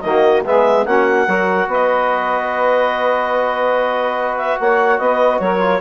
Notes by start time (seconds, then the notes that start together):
0.00 D#3 A#3 F#4 D#5
0.45 G#3 B3 G#4 E5
0.85 A#3 C#4 F#4 F#5
1.26 F#3 F#4 A#4
1.67 B3 B4 D#5
4.37 E5
4.59 A#3 C#5 F#5
4.98 B3 B4 D#5
5.39 F#3 A#4 C#5
5.59 F4